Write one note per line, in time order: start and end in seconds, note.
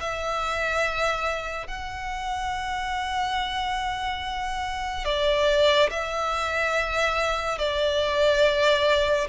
0.00 1.67 E5
1.67 5.05 F#5
5.05 5.89 D5
5.90 7.58 E5
7.58 9.27 D5